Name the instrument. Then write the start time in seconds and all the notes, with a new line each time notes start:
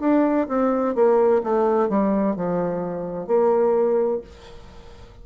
bassoon
0.00 D4
0.48 C4
0.95 A#3
1.43 A3
1.89 G3
2.36 F3
3.27 A#3